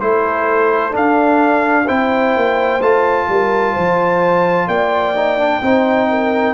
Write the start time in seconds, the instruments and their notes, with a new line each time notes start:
0.00 tuba A3, trombone E4, horn A4, trumpet C5
0.91 trombone D4, tuba D4, trumpet F5
1.85 tuba C4, trombone E4, horn C5, trumpet G5
2.36 tuba A#3
2.81 tuba A3, trombone F4, trumpet A5
3.29 tuba G3, horn A#4
3.73 tuba F3, horn C5
4.67 tuba A#3, horn D5, trumpet G5
5.15 trombone D#4
5.38 trombone D4
5.62 tuba C4, trombone D#4, horn C5
6.10 horn A#4